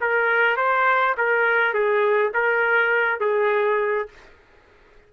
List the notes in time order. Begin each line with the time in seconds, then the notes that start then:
0.00 A#4
0.56 C5
1.17 A#4
1.74 G#4
2.33 A#4
3.20 G#4